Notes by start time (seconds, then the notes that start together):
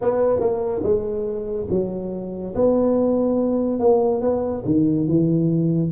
0.01 B3
0.40 A#3
0.83 G#3
1.70 F#3
2.55 B3
3.79 A#3
4.21 B3
4.65 D#3
5.07 E3